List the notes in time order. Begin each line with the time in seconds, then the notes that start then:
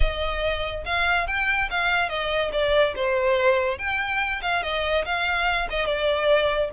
0.00 D#5
0.85 F5
1.27 G5
1.70 F5
2.09 D#5
2.52 D5
2.95 C5
3.78 G5
4.42 F5
4.62 D#5
5.05 F5
5.70 D#5
5.85 D5